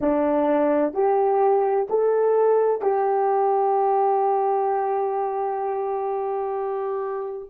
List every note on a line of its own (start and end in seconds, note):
0.00 0.93 D4
0.93 1.87 G4
1.89 2.81 A4
2.81 7.49 G4